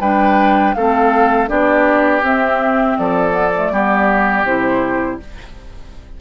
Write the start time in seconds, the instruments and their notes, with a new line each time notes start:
0.00 bassoon G3, clarinet D4, oboe B4, flute G5
0.74 bassoon A3, clarinet C4, oboe A4, flute F5
1.48 bassoon B3, clarinet D4, oboe G4, flute D5
2.21 bassoon C4, clarinet C4, flute E5
2.97 bassoon F3, oboe A4, flute D5
3.31 clarinet B3
3.55 clarinet A3
3.71 bassoon G3, clarinet B3, oboe G4
4.44 bassoon C3, clarinet E4, flute C5